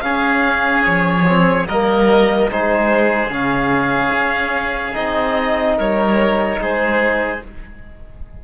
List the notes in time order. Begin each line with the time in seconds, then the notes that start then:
0.00 C#4 G#4 F5
0.84 F3 C#5
1.27 C4
1.67 G3 A#3 A#4 D#5
2.50 G#3 D#4 G#4 C5
3.28 C#3 C#4 F5
4.12 C#4
4.93 C4 D#4 D#5
5.77 G3 A#4 C#5
6.58 G#3 G#4 C5